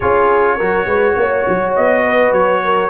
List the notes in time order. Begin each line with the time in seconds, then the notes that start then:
0.00 C#4 F4 G#4 C#5
0.56 F#3 F#4 A#4
0.86 G#3 B4
1.16 A#3 C#5
1.49 F#3
1.75 B3 D#5
2.03 B4
2.32 F#3 C#5
2.64 A#4